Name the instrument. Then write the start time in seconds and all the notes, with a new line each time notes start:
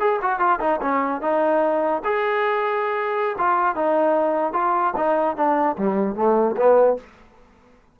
trombone
0.00 G#4
0.22 F#4
0.39 F4
0.60 D#4
0.82 C#4
1.22 D#4
2.05 G#4
3.39 F4
3.76 D#4
4.54 F4
4.97 D#4
5.36 D4
5.78 G3
6.16 A3
6.57 B3